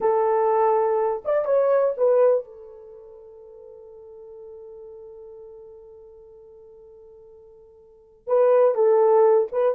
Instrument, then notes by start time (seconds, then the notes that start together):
horn
0.00 A4
1.24 D5
1.45 C#5
1.97 B4
2.44 A4
8.27 B4
8.74 A4
9.51 B4